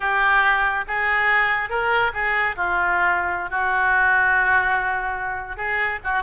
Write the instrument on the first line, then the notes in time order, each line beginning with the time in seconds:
oboe
0.00 G4
0.87 G#4
1.69 A#4
2.13 G#4
2.56 F4
3.50 F#4
5.57 G#4
6.03 F#4